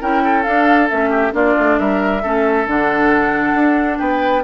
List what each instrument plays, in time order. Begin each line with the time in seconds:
0.00 bassoon C#4, clarinet E4, oboe A#4, flute G5
0.23 oboe A4
0.43 clarinet D4, bassoon D4, flute F5
0.88 bassoon A3, clarinet C#4, flute E5
1.09 oboe G4
1.31 bassoon A#3, clarinet D4, oboe F4, flute D5
1.58 bassoon A3
1.79 bassoon G3, oboe A#4, flute E5
2.22 bassoon A3, clarinet C#4, oboe A4
2.66 bassoon D3, clarinet D4, flute F#5
3.54 bassoon D4
3.98 bassoon B3, oboe B4, flute G5